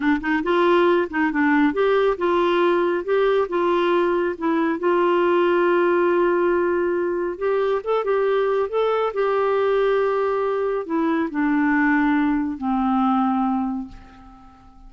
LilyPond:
\new Staff \with { instrumentName = "clarinet" } { \time 4/4 \tempo 4 = 138 d'8 dis'8 f'4. dis'8 d'4 | g'4 f'2 g'4 | f'2 e'4 f'4~ | f'1~ |
f'4 g'4 a'8 g'4. | a'4 g'2.~ | g'4 e'4 d'2~ | d'4 c'2. | }